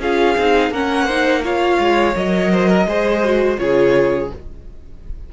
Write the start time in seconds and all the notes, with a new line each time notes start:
0.00 C#4 F4 G#4 F5
0.38 C4 D#4
0.71 A#3 C#4 A#4 F#5
1.06 D#4 C5
1.44 F4 C#5 F5
1.79 G#3
2.15 F#3 A#4 D#5
2.52 C5
2.69 A#4
2.87 G#3 G#4 C5
3.24 F#4
3.57 C#3 F4 G#4 C#5